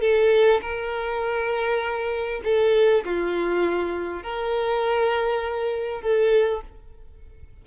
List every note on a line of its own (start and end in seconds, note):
0.00 0.60 A4
0.61 2.41 A#4
2.44 3.04 A4
3.04 4.22 F4
4.22 6.01 A#4
6.01 6.61 A4